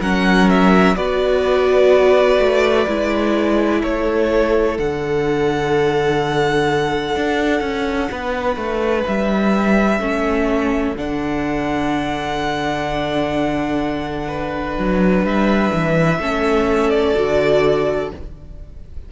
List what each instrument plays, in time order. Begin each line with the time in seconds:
0.00 cello F#3, viola C#4, violin A#4 F#5
0.49 violin E5
0.95 cello B3, viola F#4, violin B4 D5
2.39 cello A3
2.87 cello G#3, viola E4
3.80 cello A3, violin A4 C#5
4.78 cello D3, viola D4, violin F#5
7.15 cello D4
7.60 cello C#4
8.11 cello B3, violin B4
8.56 cello A3
9.07 cello G3, violin E5
10.00 cello A3, viola C#4, violin A4
10.96 cello D3, viola D4, violin F#5
14.28 violin B4
14.78 cello F#3
15.23 cello G3, violin E5
15.72 cello E3
16.19 cello A3, viola C#4, violin A4
16.89 violin D5
17.15 cello D3, viola F#4